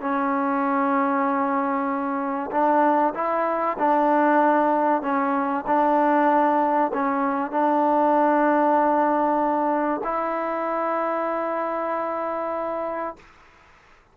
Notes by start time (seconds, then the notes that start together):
0.00 C#4
2.51 D4
3.14 E4
3.78 D4
5.02 C#4
5.66 D4
6.93 C#4
7.51 D4
10.04 E4